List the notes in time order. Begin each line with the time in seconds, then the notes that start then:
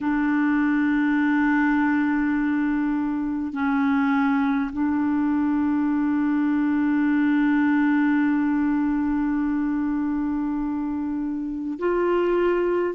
0.01 D4
3.52 C#4
4.72 D4
11.79 F4